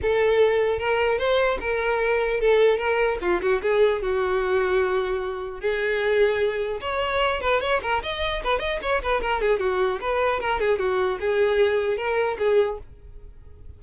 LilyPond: \new Staff \with { instrumentName = "violin" } { \time 4/4 \tempo 4 = 150 a'2 ais'4 c''4 | ais'2 a'4 ais'4 | f'8 fis'8 gis'4 fis'2~ | fis'2 gis'2~ |
gis'4 cis''4. b'8 cis''8 ais'8 | dis''4 b'8 dis''8 cis''8 b'8 ais'8 gis'8 | fis'4 b'4 ais'8 gis'8 fis'4 | gis'2 ais'4 gis'4 | }